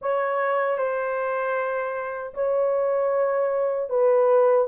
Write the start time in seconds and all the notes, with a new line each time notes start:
0.01 C#5
0.78 C5
2.34 C#5
3.89 B4